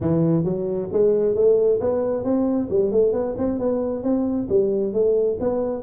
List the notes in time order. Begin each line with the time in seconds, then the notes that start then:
0.00 E3
0.44 F#3
0.92 G#3
1.35 A3
1.80 B3
2.23 C4
2.69 G3
2.91 A3
3.12 B3
3.37 C4
3.58 B3
4.03 C4
4.49 G3
4.93 A3
5.40 B3